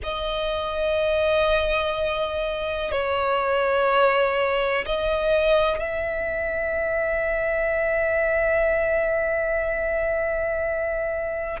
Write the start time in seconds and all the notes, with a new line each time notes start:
0.03 D#5
2.91 C#5
4.85 D#5
5.79 E5